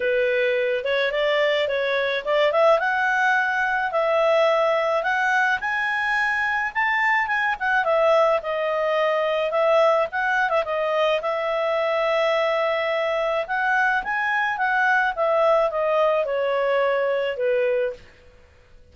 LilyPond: \new Staff \with { instrumentName = "clarinet" } { \time 4/4 \tempo 4 = 107 b'4. cis''8 d''4 cis''4 | d''8 e''8 fis''2 e''4~ | e''4 fis''4 gis''2 | a''4 gis''8 fis''8 e''4 dis''4~ |
dis''4 e''4 fis''8. e''16 dis''4 | e''1 | fis''4 gis''4 fis''4 e''4 | dis''4 cis''2 b'4 | }